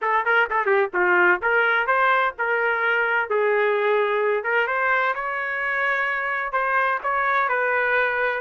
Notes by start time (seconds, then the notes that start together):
0.01 A4
0.25 A#4
0.50 A4
0.66 G4
0.93 F4
1.42 A#4
1.86 C5
2.38 A#4
3.29 G#4
4.43 A#4
4.67 C5
5.14 C#5
6.52 C5
7.03 C#5
7.48 B4